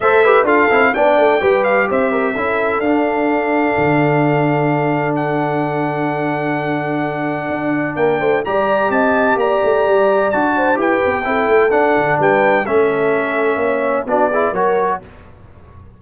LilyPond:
<<
  \new Staff \with { instrumentName = "trumpet" } { \time 4/4 \tempo 4 = 128 e''4 f''4 g''4. f''8 | e''2 f''2~ | f''2. fis''4~ | fis''1~ |
fis''4 g''4 ais''4 a''4 | ais''2 a''4 g''4~ | g''4 fis''4 g''4 e''4~ | e''2 d''4 cis''4 | }
  \new Staff \with { instrumentName = "horn" } { \time 4/4 c''8 b'8 a'4 d''4 b'4 | c''8 ais'8 a'2.~ | a'1~ | a'1~ |
a'4 ais'8 c''8 d''4 dis''4 | d''2~ d''8 c''8 b'4 | a'2 b'4 a'4~ | a'4 cis''4 fis'8 gis'8 ais'4 | }
  \new Staff \with { instrumentName = "trombone" } { \time 4/4 a'8 g'8 f'8 e'8 d'4 g'4~ | g'4 e'4 d'2~ | d'1~ | d'1~ |
d'2 g'2~ | g'2 fis'4 g'4 | e'4 d'2 cis'4~ | cis'2 d'8 e'8 fis'4 | }
  \new Staff \with { instrumentName = "tuba" } { \time 4/4 a4 d'8 c'8 b8 a8 g4 | c'4 cis'4 d'2 | d1~ | d1 |
d'4 ais8 a8 g4 c'4 | ais8 a8 g4 d'4 e'8 b8 | c'8 a8 d'8 d8 g4 a4~ | a4 ais4 b4 fis4 | }
>>